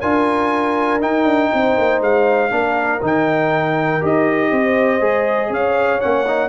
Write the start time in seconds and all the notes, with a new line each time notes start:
0.00 D4 F4 A#4 G#5
1.00 D#4 G5
1.24 D4
1.53 C4 C5
1.77 A#3
2.01 G#3 F5
2.50 A#3 D4 A#4
3.02 D#3 D#4 G5
4.01 D#4 G4 D#5
4.51 C4 C5
5.00 G#3 G#4
5.49 C#4 C#5 F5
6.00 A#3 C#4 F#5
6.27 D#4